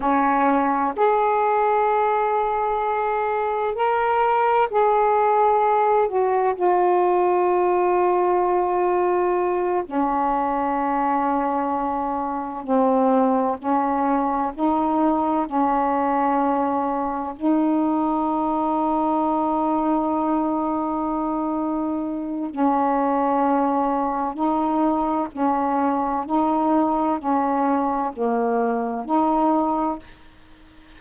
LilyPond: \new Staff \with { instrumentName = "saxophone" } { \time 4/4 \tempo 4 = 64 cis'4 gis'2. | ais'4 gis'4. fis'8 f'4~ | f'2~ f'8 cis'4.~ | cis'4. c'4 cis'4 dis'8~ |
dis'8 cis'2 dis'4.~ | dis'1 | cis'2 dis'4 cis'4 | dis'4 cis'4 ais4 dis'4 | }